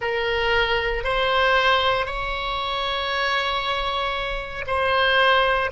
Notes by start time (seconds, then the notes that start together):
0.01 A#4
1.03 C5
2.05 C#5
4.66 C5